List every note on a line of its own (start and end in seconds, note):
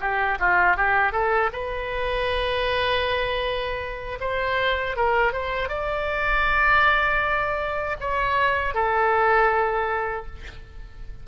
0.00 0.38 G4
0.39 0.76 F4
0.76 1.12 G4
1.12 1.50 A4
1.53 4.18 B4
4.20 4.96 C5
4.96 5.32 A#4
5.32 5.69 C5
5.69 7.96 D5
8.00 8.74 C#5
8.74 10.26 A4